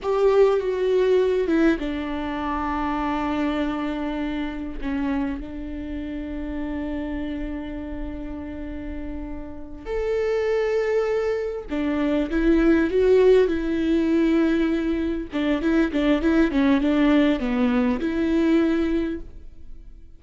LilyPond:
\new Staff \with { instrumentName = "viola" } { \time 4/4 \tempo 4 = 100 g'4 fis'4. e'8 d'4~ | d'1 | cis'4 d'2.~ | d'1~ |
d'8 a'2. d'8~ | d'8 e'4 fis'4 e'4.~ | e'4. d'8 e'8 d'8 e'8 cis'8 | d'4 b4 e'2 | }